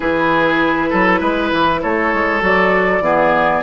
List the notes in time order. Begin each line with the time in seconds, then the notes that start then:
0.00 E3 E4 G#4 B4
0.89 F#3 A4
1.20 G#3 B4
1.52 E3
1.81 A3 A4 C#5
2.13 G#3
2.40 F#3 F#4 D5
3.00 E3 B3 G#4